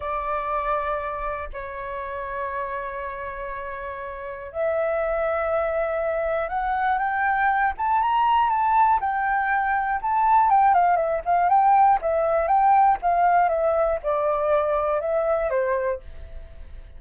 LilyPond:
\new Staff \with { instrumentName = "flute" } { \time 4/4 \tempo 4 = 120 d''2. cis''4~ | cis''1~ | cis''4 e''2.~ | e''4 fis''4 g''4. a''8 |
ais''4 a''4 g''2 | a''4 g''8 f''8 e''8 f''8 g''4 | e''4 g''4 f''4 e''4 | d''2 e''4 c''4 | }